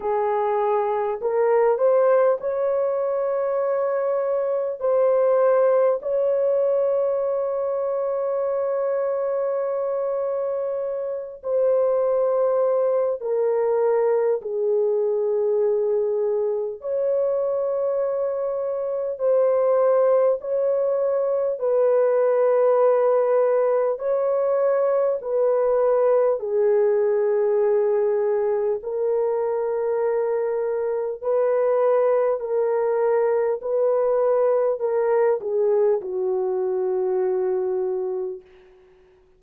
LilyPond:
\new Staff \with { instrumentName = "horn" } { \time 4/4 \tempo 4 = 50 gis'4 ais'8 c''8 cis''2 | c''4 cis''2.~ | cis''4. c''4. ais'4 | gis'2 cis''2 |
c''4 cis''4 b'2 | cis''4 b'4 gis'2 | ais'2 b'4 ais'4 | b'4 ais'8 gis'8 fis'2 | }